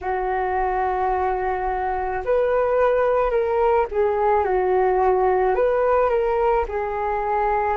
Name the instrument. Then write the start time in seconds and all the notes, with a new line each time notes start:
flute
0.01 F#4
2.24 B4
3.30 A#4
3.91 G#4
4.44 F#4
5.55 B4
6.09 A#4
6.68 G#4